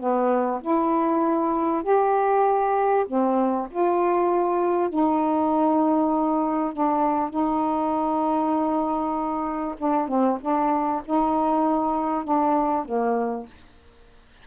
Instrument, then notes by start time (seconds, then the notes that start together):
saxophone
0.00 B3
0.62 E4
1.83 G4
3.08 C4
3.71 F4
4.90 D#4
6.73 D4
7.30 D#4
9.78 D4
10.08 C4
10.41 D4
11.05 D#4
12.24 D4
12.85 A#3